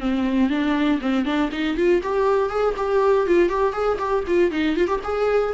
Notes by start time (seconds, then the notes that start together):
0.00 C4
0.50 D4
1.01 C4
1.25 D4
1.52 D#4
1.77 F4
2.03 G4
2.50 G#4
2.77 G4
3.27 F4
3.49 G4
3.73 G#4
3.99 G4
4.27 F4
4.51 D#4
4.77 F4
4.88 G4
5.03 G#4